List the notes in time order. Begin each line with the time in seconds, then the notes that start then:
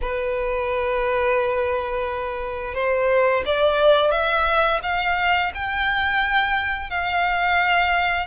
0.01 B4
2.74 C5
3.45 D5
4.11 E5
4.82 F5
5.54 G5
6.90 F5